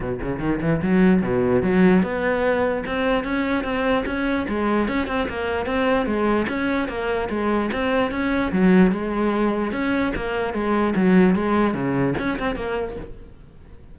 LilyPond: \new Staff \with { instrumentName = "cello" } { \time 4/4 \tempo 4 = 148 b,8 cis8 dis8 e8 fis4 b,4 | fis4 b2 c'4 | cis'4 c'4 cis'4 gis4 | cis'8 c'8 ais4 c'4 gis4 |
cis'4 ais4 gis4 c'4 | cis'4 fis4 gis2 | cis'4 ais4 gis4 fis4 | gis4 cis4 cis'8 c'8 ais4 | }